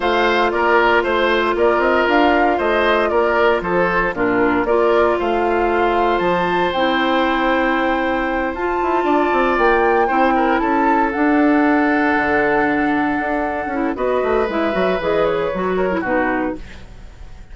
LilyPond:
<<
  \new Staff \with { instrumentName = "flute" } { \time 4/4 \tempo 4 = 116 f''4 d''4 c''4 d''8 dis''8 | f''4 dis''4 d''4 c''4 | ais'4 d''4 f''2 | a''4 g''2.~ |
g''8 a''2 g''4.~ | g''8 a''4 fis''2~ fis''8~ | fis''2. dis''4 | e''4 dis''8 cis''4. b'4 | }
  \new Staff \with { instrumentName = "oboe" } { \time 4/4 c''4 ais'4 c''4 ais'4~ | ais'4 c''4 ais'4 a'4 | f'4 ais'4 c''2~ | c''1~ |
c''4. d''2 c''8 | ais'8 a'2.~ a'8~ | a'2. b'4~ | b'2~ b'8 ais'8 fis'4 | }
  \new Staff \with { instrumentName = "clarinet" } { \time 4/4 f'1~ | f'1 | d'4 f'2.~ | f'4 e'2.~ |
e'8 f'2. e'8~ | e'4. d'2~ d'8~ | d'2~ d'8 e'8 fis'4 | e'8 fis'8 gis'4 fis'8. e'16 dis'4 | }
  \new Staff \with { instrumentName = "bassoon" } { \time 4/4 a4 ais4 a4 ais8 c'8 | d'4 a4 ais4 f4 | ais,4 ais4 a2 | f4 c'2.~ |
c'8 f'8 e'8 d'8 c'8 ais4 c'8~ | c'8 cis'4 d'2 d8~ | d4. d'4 cis'8 b8 a8 | gis8 fis8 e4 fis4 b,4 | }
>>